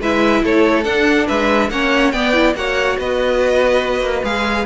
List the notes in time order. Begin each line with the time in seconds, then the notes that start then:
0.00 G#3 E4 B4 E5
0.43 A3 A4 C#5
0.84 D4 F#5
1.26 G#3 B4 E5
1.70 A#3 C#4 C#5 F#5
2.11 B3 D5 G5
2.33 E4
2.54 A#3 F#4 C#5 F#5
2.98 B3 B4 D#5
4.01 A#3
4.23 G#3 G#4 F5